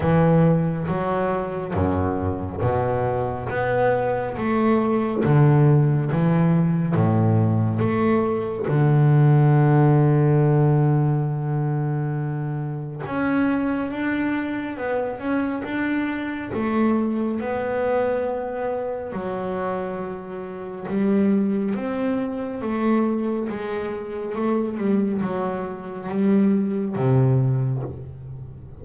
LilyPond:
\new Staff \with { instrumentName = "double bass" } { \time 4/4 \tempo 4 = 69 e4 fis4 fis,4 b,4 | b4 a4 d4 e4 | a,4 a4 d2~ | d2. cis'4 |
d'4 b8 cis'8 d'4 a4 | b2 fis2 | g4 c'4 a4 gis4 | a8 g8 fis4 g4 c4 | }